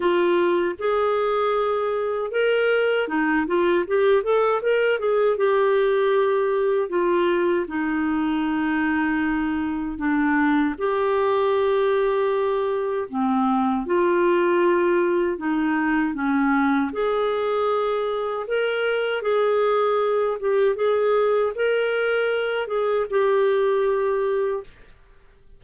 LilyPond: \new Staff \with { instrumentName = "clarinet" } { \time 4/4 \tempo 4 = 78 f'4 gis'2 ais'4 | dis'8 f'8 g'8 a'8 ais'8 gis'8 g'4~ | g'4 f'4 dis'2~ | dis'4 d'4 g'2~ |
g'4 c'4 f'2 | dis'4 cis'4 gis'2 | ais'4 gis'4. g'8 gis'4 | ais'4. gis'8 g'2 | }